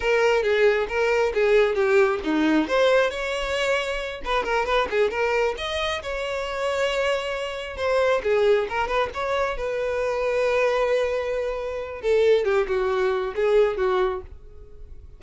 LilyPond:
\new Staff \with { instrumentName = "violin" } { \time 4/4 \tempo 4 = 135 ais'4 gis'4 ais'4 gis'4 | g'4 dis'4 c''4 cis''4~ | cis''4. b'8 ais'8 b'8 gis'8 ais'8~ | ais'8 dis''4 cis''2~ cis''8~ |
cis''4. c''4 gis'4 ais'8 | b'8 cis''4 b'2~ b'8~ | b'2. a'4 | g'8 fis'4. gis'4 fis'4 | }